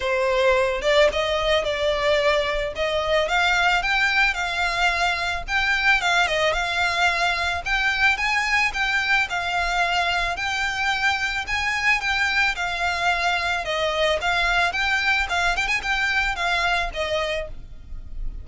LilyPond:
\new Staff \with { instrumentName = "violin" } { \time 4/4 \tempo 4 = 110 c''4. d''8 dis''4 d''4~ | d''4 dis''4 f''4 g''4 | f''2 g''4 f''8 dis''8 | f''2 g''4 gis''4 |
g''4 f''2 g''4~ | g''4 gis''4 g''4 f''4~ | f''4 dis''4 f''4 g''4 | f''8 g''16 gis''16 g''4 f''4 dis''4 | }